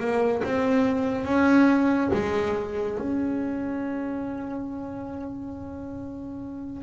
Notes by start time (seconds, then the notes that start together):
0.00 A#3
0.44 C4
1.25 C#4
2.14 G#3
2.99 C#4